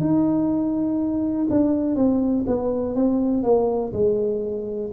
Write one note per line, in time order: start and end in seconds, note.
0.00 1.48 D#4
1.50 1.95 D4
1.95 2.45 C4
2.46 2.95 B3
2.95 3.43 C4
3.43 3.92 A#3
3.93 4.91 G#3